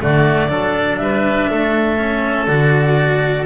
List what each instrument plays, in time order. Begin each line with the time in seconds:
0.00 double bass D3, cello A3, oboe F#4, clarinet D5
0.49 double bass F#3, cello D4, oboe A4
0.98 double bass G3, oboe B4, clarinet E5
1.51 double bass A3, oboe A4
1.98 cello C#4
2.47 double bass D3, cello F#4, clarinet D5